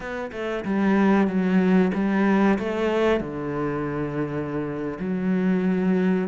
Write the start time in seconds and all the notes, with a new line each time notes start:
0.00 B3
0.32 A3
0.64 G3
1.27 F#3
1.94 G3
2.58 A3
3.20 D3
4.99 F#3